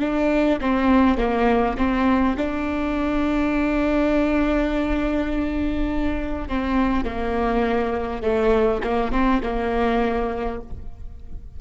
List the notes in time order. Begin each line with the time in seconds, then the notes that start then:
0.00 D4
0.61 C4
1.18 A#3
1.78 C4
2.37 D4
6.49 C4
7.05 A#3
8.22 A3
8.84 A#3
9.12 C4
9.43 A#3